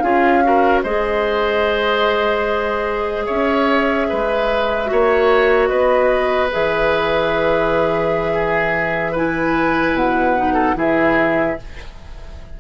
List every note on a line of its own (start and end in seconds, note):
0.00 0.85 C#4
0.00 0.44 F4
0.00 0.44 G#4
0.00 0.81 F5
0.44 0.84 F#4
0.44 0.84 A#4
0.83 3.28 G#3
0.83 4.86 G#4
0.83 3.26 C5
0.83 3.24 D#5
3.24 4.10 C#4
3.24 4.07 C#5
3.24 5.67 E5
4.10 4.92 G#3
4.10 4.91 B4
4.86 5.71 A#3
4.86 6.48 F#4
4.86 5.70 C#5
5.67 6.52 B3
5.67 8.33 B4
5.67 6.48 D#5
6.52 9.94 E3
6.52 9.16 G#4
6.52 9.16 E5
8.34 9.12 G#4
9.12 10.37 E4
9.12 10.54 B4
9.12 9.97 G#5
9.94 10.75 B2
9.94 10.78 F#5
10.37 10.76 D#4
10.54 10.75 A4
10.75 11.56 E3
10.75 11.57 E4
10.75 11.59 G#4
10.75 11.60 E5